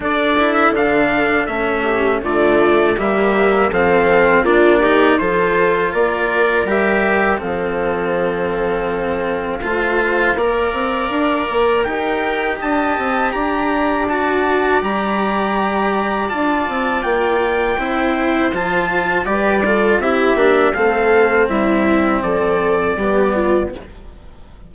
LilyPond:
<<
  \new Staff \with { instrumentName = "trumpet" } { \time 4/4 \tempo 4 = 81 d''8. e''16 f''4 e''4 d''4 | e''4 f''4 d''4 c''4 | d''4 e''4 f''2~ | f''1 |
g''4 a''4 ais''4 a''4 | ais''2 a''4 g''4~ | g''4 a''4 d''4 e''4 | f''4 e''4 d''2 | }
  \new Staff \with { instrumentName = "viola" } { \time 4/4 a'2~ a'8 g'8 f'4 | g'4 a'4 f'8 g'8 a'4 | ais'2 a'2~ | a'4 c''4 d''2 |
ais'4 dis''4 d''2~ | d''1 | c''2 b'8 a'8 g'4 | a'4 e'4 a'4 g'8 f'8 | }
  \new Staff \with { instrumentName = "cello" } { \time 4/4 d'8 e'8 d'4 cis'4 a4 | ais4 c'4 d'8 dis'8 f'4~ | f'4 g'4 c'2~ | c'4 f'4 ais'2 |
g'2. fis'4 | g'2 f'2 | e'4 f'4 g'8 f'8 e'8 d'8 | c'2. b4 | }
  \new Staff \with { instrumentName = "bassoon" } { \time 4/4 d'4 d4 a4 d4 | g4 f4 ais4 f4 | ais4 g4 f2~ | f4 a4 ais8 c'8 d'8 ais8 |
dis'4 d'8 c'8 d'2 | g2 d'8 c'8 ais4 | c'4 f4 g4 c'8 ais8 | a4 g4 f4 g4 | }
>>